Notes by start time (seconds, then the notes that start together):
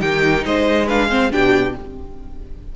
0.00 D#3 D#4 G4 G5
0.45 G#3 C5 D#5
0.86 D4 B4 F5
1.09 C4 C5
1.31 B2 D4 G4 G5